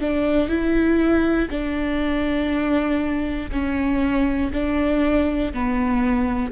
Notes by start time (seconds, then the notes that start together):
0.00 D4
0.48 E4
1.50 D4
3.51 C#4
4.52 D4
5.53 B3